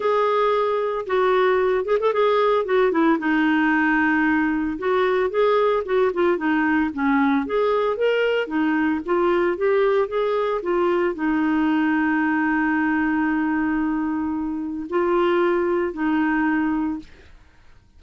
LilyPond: \new Staff \with { instrumentName = "clarinet" } { \time 4/4 \tempo 4 = 113 gis'2 fis'4. gis'16 a'16 | gis'4 fis'8 e'8 dis'2~ | dis'4 fis'4 gis'4 fis'8 f'8 | dis'4 cis'4 gis'4 ais'4 |
dis'4 f'4 g'4 gis'4 | f'4 dis'2.~ | dis'1 | f'2 dis'2 | }